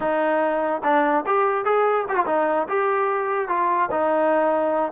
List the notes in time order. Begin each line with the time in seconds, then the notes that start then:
0.00 D#4
0.83 D4
1.26 G4
1.64 G#4
2.08 G4
2.15 F4
2.26 D#4
2.68 G4
3.48 F4
3.91 D#4